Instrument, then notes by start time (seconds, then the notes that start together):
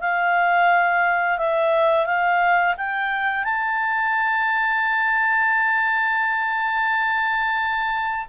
clarinet
0.00 F5
1.38 E5
2.06 F5
2.77 G5
3.43 A5